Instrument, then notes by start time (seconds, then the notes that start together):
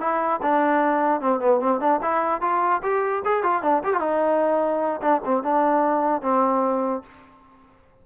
trombone
0.00 E4
0.42 D4
1.20 C4
1.40 B3
1.60 C4
1.80 D4
2.02 E4
2.41 F4
2.82 G4
3.25 G#4
3.43 F4
3.62 D4
3.83 G4
3.93 F4
4.00 D#4
5.01 D4
5.25 C4
5.43 D4
6.22 C4